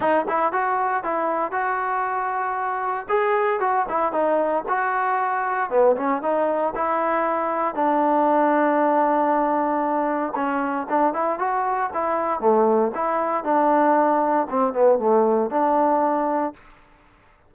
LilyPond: \new Staff \with { instrumentName = "trombone" } { \time 4/4 \tempo 4 = 116 dis'8 e'8 fis'4 e'4 fis'4~ | fis'2 gis'4 fis'8 e'8 | dis'4 fis'2 b8 cis'8 | dis'4 e'2 d'4~ |
d'1 | cis'4 d'8 e'8 fis'4 e'4 | a4 e'4 d'2 | c'8 b8 a4 d'2 | }